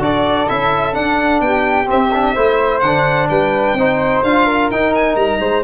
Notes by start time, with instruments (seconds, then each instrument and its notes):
0.00 tuba D4, trombone F#4, flute A4, violin D5
0.49 tuba C#4, trombone E4, violin E5
0.94 trombone D4, tuba D4, violin F#5
1.41 tuba B3, flute G4, violin G5
1.86 trombone C4, tuba C4, violin E5
2.14 trombone D4
2.35 tuba A3, trombone E4, flute C5
2.80 tuba D3, trombone D4, violin F#5
3.29 tuba G3, flute B4, violin G5
3.74 tuba C4, trombone D#4, flute C5
4.24 tuba D4, trombone F4, violin F5
4.46 flute A#4
4.71 tuba D#4, trombone D#4, violin G5
4.95 violin G#5
5.16 tuba G3, violin A#5
5.40 tuba G#3, flute C5